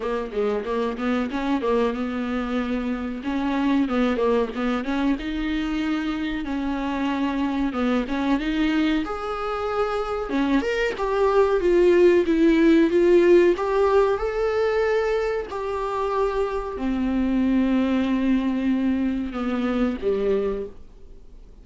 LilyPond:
\new Staff \with { instrumentName = "viola" } { \time 4/4 \tempo 4 = 93 ais8 gis8 ais8 b8 cis'8 ais8 b4~ | b4 cis'4 b8 ais8 b8 cis'8 | dis'2 cis'2 | b8 cis'8 dis'4 gis'2 |
cis'8 ais'8 g'4 f'4 e'4 | f'4 g'4 a'2 | g'2 c'2~ | c'2 b4 g4 | }